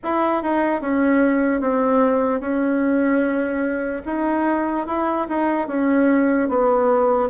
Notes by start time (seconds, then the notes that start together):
0.03 E4
0.42 D#4
0.81 C#4
1.60 C4
2.40 C#4
4.05 D#4
4.86 E4
5.28 D#4
5.68 C#4
6.49 B3